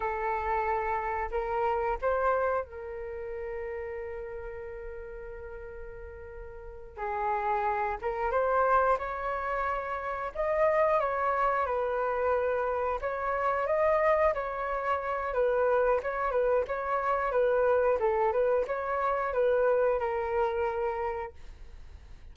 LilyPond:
\new Staff \with { instrumentName = "flute" } { \time 4/4 \tempo 4 = 90 a'2 ais'4 c''4 | ais'1~ | ais'2~ ais'8 gis'4. | ais'8 c''4 cis''2 dis''8~ |
dis''8 cis''4 b'2 cis''8~ | cis''8 dis''4 cis''4. b'4 | cis''8 b'8 cis''4 b'4 a'8 b'8 | cis''4 b'4 ais'2 | }